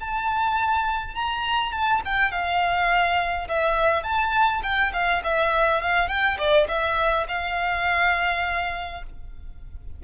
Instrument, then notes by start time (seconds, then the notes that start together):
violin
0.00 A5
1.15 A#5
1.72 A5
2.05 G5
2.31 F5
3.48 E5
4.03 A5
4.63 G5
4.93 F5
5.24 E5
5.81 F5
6.08 G5
6.38 D5
6.68 E5
7.28 F5